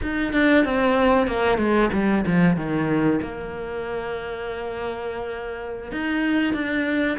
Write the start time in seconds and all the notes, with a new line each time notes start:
0.02 D#4
0.32 D4
0.64 C4
1.27 A#3
1.58 G#3
1.93 G3
2.26 F3
2.56 D#3
3.21 A#3
5.92 D#4
6.53 D4